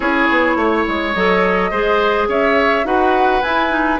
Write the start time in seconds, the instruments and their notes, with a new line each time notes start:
0.00 bassoon C#4, clarinet E4, oboe G#4, flute C#5
0.30 bassoon B3
0.55 bassoon A3, oboe C#5
0.88 bassoon G#3
1.13 bassoon F#3, clarinet A4, flute D#5
1.70 bassoon G#3, clarinet G#4, oboe C5
2.27 bassoon C#4, oboe C#5, flute E5
2.84 bassoon D#4, clarinet F#4, oboe B4, flute F#5
3.42 bassoon E4, clarinet E4, flute G#5
3.69 clarinet D#4